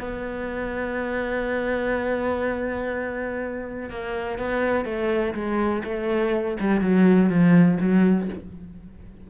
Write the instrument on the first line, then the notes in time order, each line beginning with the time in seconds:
cello
0.00 B3
3.90 A#3
4.39 B3
4.85 A3
5.34 G#3
5.84 A3
6.61 G3
6.81 F#3
7.30 F3
7.80 F#3